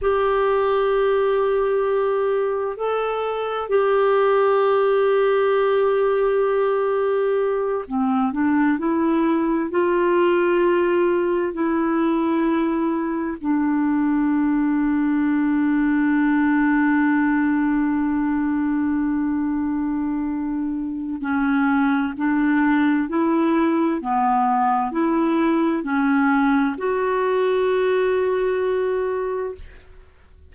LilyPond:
\new Staff \with { instrumentName = "clarinet" } { \time 4/4 \tempo 4 = 65 g'2. a'4 | g'1~ | g'8 c'8 d'8 e'4 f'4.~ | f'8 e'2 d'4.~ |
d'1~ | d'2. cis'4 | d'4 e'4 b4 e'4 | cis'4 fis'2. | }